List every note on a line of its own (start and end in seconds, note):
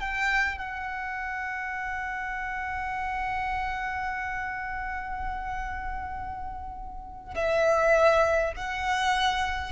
0.00 0.58 G5
0.58 7.35 F#5
7.35 8.53 E5
8.56 9.72 F#5